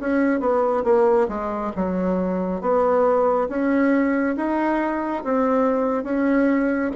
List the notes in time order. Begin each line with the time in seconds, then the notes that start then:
0.00 C#4
0.40 B3
0.84 A#3
1.28 G#3
1.76 F#3
2.61 B3
3.49 C#4
4.36 D#4
5.24 C4
6.04 C#4